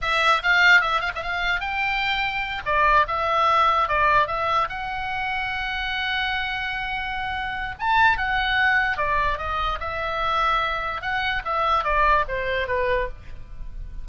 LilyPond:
\new Staff \with { instrumentName = "oboe" } { \time 4/4 \tempo 4 = 147 e''4 f''4 e''8 f''16 e''16 f''4 | g''2~ g''8 d''4 e''8~ | e''4. d''4 e''4 fis''8~ | fis''1~ |
fis''2. a''4 | fis''2 d''4 dis''4 | e''2. fis''4 | e''4 d''4 c''4 b'4 | }